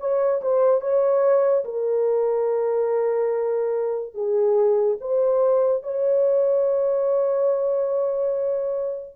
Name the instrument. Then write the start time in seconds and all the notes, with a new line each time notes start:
horn
0.00 C#5
0.42 C5
0.81 C#5
1.65 A#4
4.14 G#4
5.01 C5
5.83 C#5